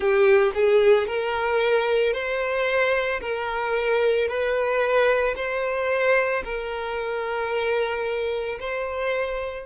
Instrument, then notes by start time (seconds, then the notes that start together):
violin
0.00 G4
0.54 G#4
1.07 A#4
2.13 C5
3.20 A#4
4.28 B4
5.36 C5
6.44 A#4
8.59 C5